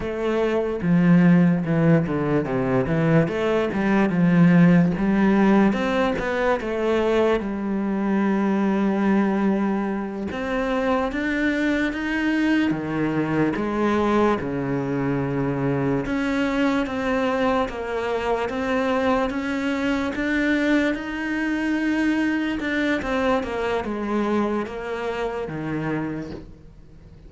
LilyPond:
\new Staff \with { instrumentName = "cello" } { \time 4/4 \tempo 4 = 73 a4 f4 e8 d8 c8 e8 | a8 g8 f4 g4 c'8 b8 | a4 g2.~ | g8 c'4 d'4 dis'4 dis8~ |
dis8 gis4 cis2 cis'8~ | cis'8 c'4 ais4 c'4 cis'8~ | cis'8 d'4 dis'2 d'8 | c'8 ais8 gis4 ais4 dis4 | }